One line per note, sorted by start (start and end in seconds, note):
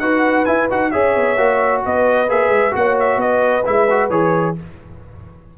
0.00 0.45 D#4
0.00 0.47 F#4
0.00 0.92 B4
0.00 0.45 F#5
0.45 0.69 E4
0.45 0.71 E4
0.45 0.68 G#5
0.70 0.94 D#4
0.70 0.93 F#4
0.70 0.91 F#5
0.91 1.16 C#4
0.91 1.37 G#4
0.91 1.83 C#5
0.91 1.82 E5
1.16 1.38 B3
1.37 1.84 A#3
1.37 2.28 F#4
1.86 2.30 B3
1.86 2.77 B4
1.86 2.30 D#5
2.29 2.49 A#3
2.29 2.72 G#4
2.29 2.76 E5
2.49 2.72 G#3
2.72 3.17 A#3
2.72 3.63 F#4
2.72 2.99 F#5
2.78 3.22 C#5
3.00 3.21 E5
3.17 3.62 B3
3.17 4.58 B4
3.17 3.66 D#5
3.66 4.10 G#3
3.66 3.88 E4
3.66 4.11 E5
3.91 4.11 F#4
4.10 4.56 E3
4.10 4.56 G#4
4.10 4.56 C#5